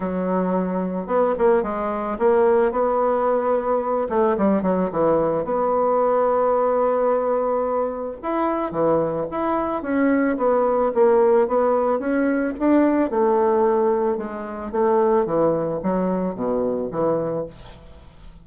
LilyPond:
\new Staff \with { instrumentName = "bassoon" } { \time 4/4 \tempo 4 = 110 fis2 b8 ais8 gis4 | ais4 b2~ b8 a8 | g8 fis8 e4 b2~ | b2. e'4 |
e4 e'4 cis'4 b4 | ais4 b4 cis'4 d'4 | a2 gis4 a4 | e4 fis4 b,4 e4 | }